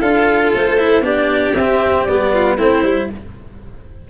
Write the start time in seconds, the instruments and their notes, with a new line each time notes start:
0.00 tuba D4, cello F4, violin A4, clarinet F5
0.53 tuba A3, clarinet C5
0.78 cello E4
1.00 tuba B3, cello D4, violin G4, clarinet D5
1.54 tuba C4, cello C4, clarinet E5
2.04 tuba G3, cello B3, clarinet D5
2.33 violin F4
2.56 tuba A3, cello C4, violin E4, clarinet C5
2.83 tuba G3, cello E4